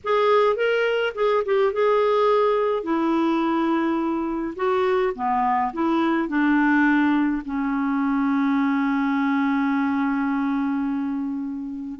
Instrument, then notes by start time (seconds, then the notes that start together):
clarinet
0.03 G#4
0.56 A#4
1.15 G#4
1.45 G4
1.72 G#4
2.83 E4
4.56 F#4
5.15 B3
5.73 E4
6.28 D4
7.45 C#4